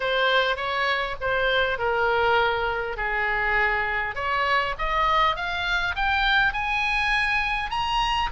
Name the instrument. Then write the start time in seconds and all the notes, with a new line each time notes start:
oboe
0.00 C5
0.56 C#5
1.20 C5
1.78 A#4
2.96 G#4
4.15 C#5
4.78 D#5
5.35 F5
5.95 G5
6.53 G#5
7.70 A#5